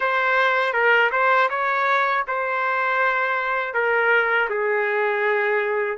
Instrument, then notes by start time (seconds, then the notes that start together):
trumpet
0.00 C5
0.73 A#4
1.11 C5
1.49 C#5
2.27 C5
3.73 A#4
4.49 G#4